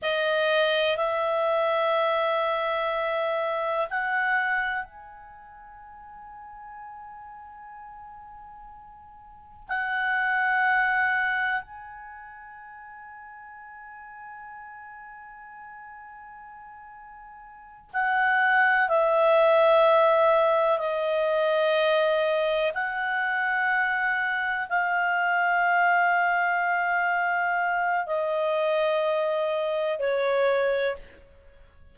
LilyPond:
\new Staff \with { instrumentName = "clarinet" } { \time 4/4 \tempo 4 = 62 dis''4 e''2. | fis''4 gis''2.~ | gis''2 fis''2 | gis''1~ |
gis''2~ gis''8 fis''4 e''8~ | e''4. dis''2 fis''8~ | fis''4. f''2~ f''8~ | f''4 dis''2 cis''4 | }